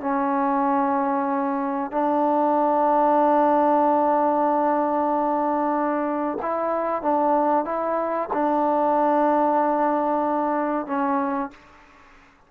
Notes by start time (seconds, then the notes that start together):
0.00 C#4
1.91 D4
6.41 E4
7.02 D4
7.65 E4
8.33 D4
10.87 C#4